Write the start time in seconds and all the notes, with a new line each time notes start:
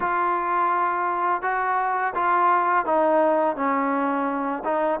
0.00 F4
1.42 F#4
2.14 F4
2.85 D#4
3.56 C#4
4.64 D#4